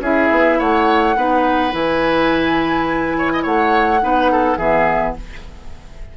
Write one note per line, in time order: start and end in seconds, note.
0.00 0.29 C#4
0.00 1.16 E4
0.00 0.58 G#4
0.00 0.60 E5
0.31 0.60 B3
0.58 1.16 A3
0.58 1.16 C#5
0.58 1.74 F#5
1.16 1.73 B3
1.16 1.71 D#4
1.16 3.17 B4
1.71 3.44 E3
1.71 4.00 E4
1.71 3.44 G#5
3.18 3.32 C#5
3.33 3.42 D#5
3.42 4.02 A3
3.42 4.00 C#5
3.42 4.57 F#5
4.00 4.57 B3
4.00 4.57 D#4
4.00 4.32 B4
4.32 4.58 A4
4.57 5.14 E3
4.57 5.17 B3
4.57 5.15 G#4
4.57 5.14 E5